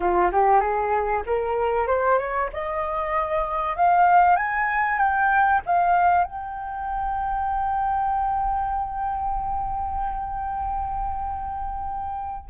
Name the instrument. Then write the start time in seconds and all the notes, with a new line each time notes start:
flute
0.00 F4
0.32 G4
0.60 G#4
1.26 A#4
1.87 C5
2.18 C#5
2.53 D#5
3.76 F5
4.36 G#5
4.98 G5
5.66 F5
6.24 G5